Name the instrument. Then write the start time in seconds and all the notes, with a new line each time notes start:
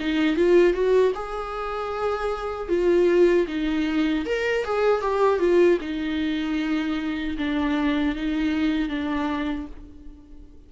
viola
0.00 D#4
0.36 F4
0.74 F#4
1.15 G#4
2.69 F4
3.47 D#4
4.26 A#4
4.65 G#4
5.02 G4
5.39 F4
5.82 D#4
7.38 D4
8.15 D#4
8.89 D4